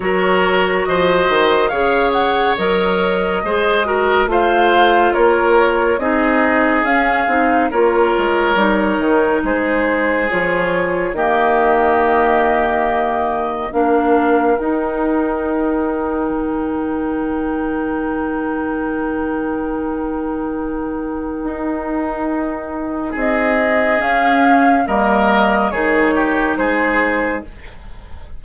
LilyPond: <<
  \new Staff \with { instrumentName = "flute" } { \time 4/4 \tempo 4 = 70 cis''4 dis''4 f''8 fis''8 dis''4~ | dis''4 f''4 cis''4 dis''4 | f''4 cis''2 c''4 | cis''4 dis''2. |
f''4 g''2.~ | g''1~ | g''2. dis''4 | f''4 dis''4 cis''4 c''4 | }
  \new Staff \with { instrumentName = "oboe" } { \time 4/4 ais'4 c''4 cis''2 | c''8 ais'8 c''4 ais'4 gis'4~ | gis'4 ais'2 gis'4~ | gis'4 g'2. |
ais'1~ | ais'1~ | ais'2. gis'4~ | gis'4 ais'4 gis'8 g'8 gis'4 | }
  \new Staff \with { instrumentName = "clarinet" } { \time 4/4 fis'2 gis'4 ais'4 | gis'8 fis'8 f'2 dis'4 | cis'8 dis'8 f'4 dis'2 | f'4 ais2. |
d'4 dis'2.~ | dis'1~ | dis'1 | cis'4 ais4 dis'2 | }
  \new Staff \with { instrumentName = "bassoon" } { \time 4/4 fis4 f8 dis8 cis4 fis4 | gis4 a4 ais4 c'4 | cis'8 c'8 ais8 gis8 g8 dis8 gis4 | f4 dis2. |
ais4 dis'2 dis4~ | dis1~ | dis4 dis'2 c'4 | cis'4 g4 dis4 gis4 | }
>>